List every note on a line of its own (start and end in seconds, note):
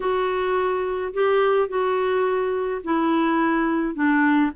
0.00 1.13 F#4
1.13 1.68 G4
1.68 2.81 F#4
2.84 3.94 E4
3.94 4.51 D4